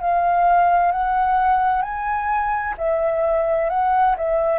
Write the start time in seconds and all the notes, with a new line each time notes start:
0.00 F5
0.92 F#5
1.82 G#5
2.78 E5
3.70 F#5
4.17 E5